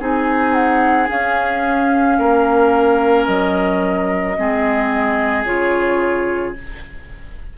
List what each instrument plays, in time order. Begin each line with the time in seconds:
0.00 bassoon C4, clarinet D#4, oboe G#4, flute G#5
0.53 flute F#5
1.07 clarinet C#4, bassoon C#4, flute F5
2.19 bassoon A#3, oboe A#4
3.26 bassoon F#3, flute D#5
4.38 bassoon G#3, clarinet C4, oboe G#4
5.45 bassoon C#3, clarinet F4, flute C#5